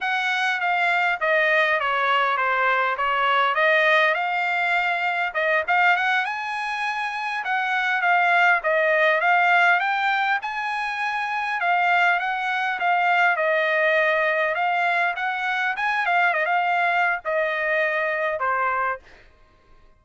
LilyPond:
\new Staff \with { instrumentName = "trumpet" } { \time 4/4 \tempo 4 = 101 fis''4 f''4 dis''4 cis''4 | c''4 cis''4 dis''4 f''4~ | f''4 dis''8 f''8 fis''8 gis''4.~ | gis''8 fis''4 f''4 dis''4 f''8~ |
f''8 g''4 gis''2 f''8~ | f''8 fis''4 f''4 dis''4.~ | dis''8 f''4 fis''4 gis''8 f''8 dis''16 f''16~ | f''4 dis''2 c''4 | }